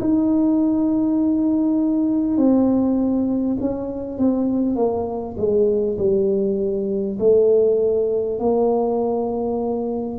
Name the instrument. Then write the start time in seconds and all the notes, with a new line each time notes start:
tuba
0.00 D#4
2.37 C4
3.61 C#4
4.18 C4
4.76 A#3
5.37 G#3
5.98 G3
7.19 A3
8.39 A#3